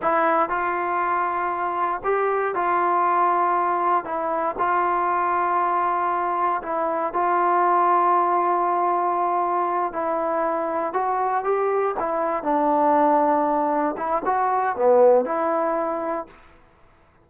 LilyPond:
\new Staff \with { instrumentName = "trombone" } { \time 4/4 \tempo 4 = 118 e'4 f'2. | g'4 f'2. | e'4 f'2.~ | f'4 e'4 f'2~ |
f'2.~ f'8 e'8~ | e'4. fis'4 g'4 e'8~ | e'8 d'2. e'8 | fis'4 b4 e'2 | }